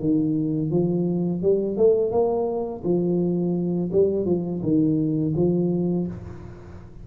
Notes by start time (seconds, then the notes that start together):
0.00 D#3
0.71 F3
1.43 G3
1.77 A3
2.12 A#3
2.84 F3
3.93 G3
4.26 F3
4.63 D#3
5.36 F3